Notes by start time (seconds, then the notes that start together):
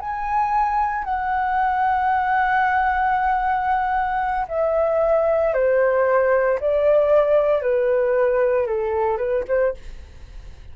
0.00 G#5
1.05 F#5
4.49 E5
5.54 C5
6.61 D5
7.62 B4
8.67 A4
9.18 B4
9.48 C5